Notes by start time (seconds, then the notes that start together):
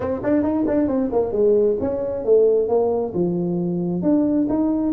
0.00 C4
0.23 D4
0.43 D#4
0.67 D4
0.87 C4
1.12 A#3
1.32 G#3
1.80 C#4
2.24 A3
2.68 A#3
3.14 F3
4.02 D4
4.49 D#4